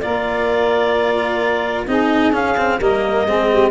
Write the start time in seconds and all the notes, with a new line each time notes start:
0.00 A#3 F4 A#4 D5
1.87 C4 D#4 G#4 D#5
2.32 C#4 F5
2.57 C4
2.78 G3 A#3 A#4 D#5
3.26 G#3 C4 G#4
3.50 G4